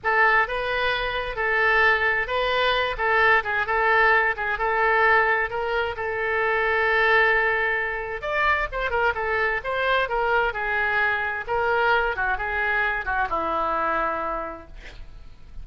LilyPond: \new Staff \with { instrumentName = "oboe" } { \time 4/4 \tempo 4 = 131 a'4 b'2 a'4~ | a'4 b'4. a'4 gis'8 | a'4. gis'8 a'2 | ais'4 a'2.~ |
a'2 d''4 c''8 ais'8 | a'4 c''4 ais'4 gis'4~ | gis'4 ais'4. fis'8 gis'4~ | gis'8 fis'8 e'2. | }